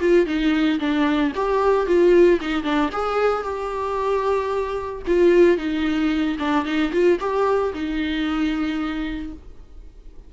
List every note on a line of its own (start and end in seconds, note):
0.00 0.26 F4
0.26 0.79 D#4
0.79 1.32 D4
1.35 1.87 G4
1.87 2.40 F4
2.40 2.63 D#4
2.63 2.90 D4
2.92 3.43 G#4
3.43 5.02 G4
5.07 5.57 F4
5.57 6.37 D#4
6.39 6.65 D4
6.65 6.91 D#4
6.92 7.19 F4
7.20 7.73 G4
7.74 9.33 D#4